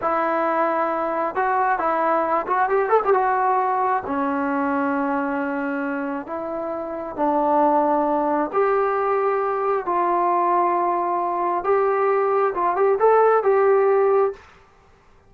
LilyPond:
\new Staff \with { instrumentName = "trombone" } { \time 4/4 \tempo 4 = 134 e'2. fis'4 | e'4. fis'8 g'8 a'16 g'16 fis'4~ | fis'4 cis'2.~ | cis'2 e'2 |
d'2. g'4~ | g'2 f'2~ | f'2 g'2 | f'8 g'8 a'4 g'2 | }